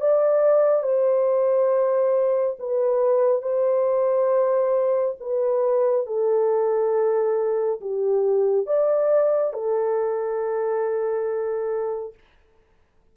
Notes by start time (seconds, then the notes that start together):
0.00 D5
0.82 C5
2.58 B4
3.42 C5
5.19 B4
6.06 A4
7.81 G4
8.66 D5
9.53 A4